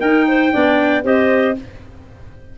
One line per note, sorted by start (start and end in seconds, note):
0.00 0.53 D#4
0.00 0.51 D#4
0.00 0.26 A#4
0.00 1.05 G5
0.28 0.53 C5
0.51 1.05 B3
0.51 1.03 D4
0.51 1.04 D5
1.03 1.57 C4
1.03 1.55 G4
1.03 1.56 C5
1.03 1.58 D#5